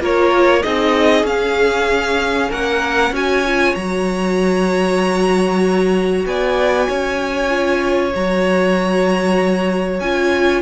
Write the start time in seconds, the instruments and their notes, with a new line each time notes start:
0.00 cello A#3, viola F4, violin A#4 C#5
0.63 cello C4, viola D#4, violin G#4 D#5
1.23 cello C#4, viola C#4, violin F5
2.50 cello A#3, violin A#4 F#5
3.11 cello C#4, viola F#4, violin C#5 G#5
3.47 viola F4
3.75 cello F#3, viola F#4, violin A#5
6.26 cello B3, violin D5 G#5
6.88 cello C#4, violin C#5
7.48 viola F4
8.14 cello F#3, viola F#4, violin A#5
10.00 cello C#4, viola F4, violin G#5